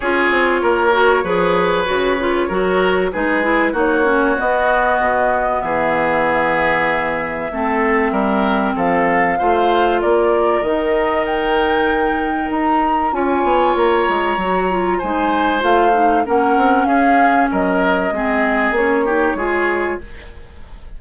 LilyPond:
<<
  \new Staff \with { instrumentName = "flute" } { \time 4/4 \tempo 4 = 96 cis''1~ | cis''4 b'4 cis''4 dis''4~ | dis''4 e''2.~ | e''2 f''2 |
d''4 dis''4 g''2 | ais''4 gis''4 ais''2 | gis''4 f''4 fis''4 f''4 | dis''2 cis''2 | }
  \new Staff \with { instrumentName = "oboe" } { \time 4/4 gis'4 ais'4 b'2 | ais'4 gis'4 fis'2~ | fis'4 gis'2. | a'4 ais'4 a'4 c''4 |
ais'1~ | ais'4 cis''2. | c''2 ais'4 gis'4 | ais'4 gis'4. g'8 gis'4 | }
  \new Staff \with { instrumentName = "clarinet" } { \time 4/4 f'4. fis'8 gis'4 fis'8 f'8 | fis'4 dis'8 e'8 dis'8 cis'8 b4~ | b1 | c'2. f'4~ |
f'4 dis'2.~ | dis'4 f'2 fis'8 f'8 | dis'4 f'8 dis'8 cis'2~ | cis'4 c'4 cis'8 dis'8 f'4 | }
  \new Staff \with { instrumentName = "bassoon" } { \time 4/4 cis'8 c'8 ais4 f4 cis4 | fis4 gis4 ais4 b4 | b,4 e2. | a4 g4 f4 a4 |
ais4 dis2. | dis'4 cis'8 b8 ais8 gis8 fis4 | gis4 a4 ais8 c'8 cis'4 | fis4 gis4 ais4 gis4 | }
>>